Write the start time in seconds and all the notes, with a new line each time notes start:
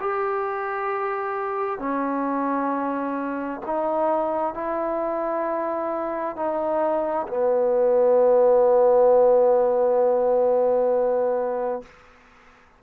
0.00 G4
1.79 C#4
3.66 D#4
4.54 E4
6.36 D#4
7.28 B3